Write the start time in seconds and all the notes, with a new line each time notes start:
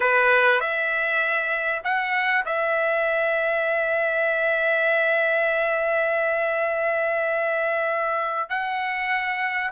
0.00 B4
0.60 E5
1.84 F#5
2.45 E5
8.49 F#5